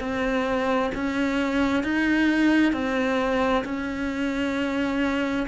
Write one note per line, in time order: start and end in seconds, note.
0.00 0.91 C4
0.95 1.83 C#4
1.83 2.73 D#4
2.73 3.64 C4
3.65 5.47 C#4